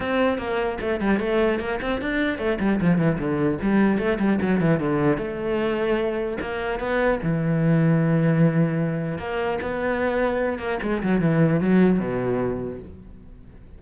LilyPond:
\new Staff \with { instrumentName = "cello" } { \time 4/4 \tempo 4 = 150 c'4 ais4 a8 g8 a4 | ais8 c'8 d'4 a8 g8 f8 e8 | d4 g4 a8 g8 fis8 e8 | d4 a2. |
ais4 b4 e2~ | e2. ais4 | b2~ b8 ais8 gis8 fis8 | e4 fis4 b,2 | }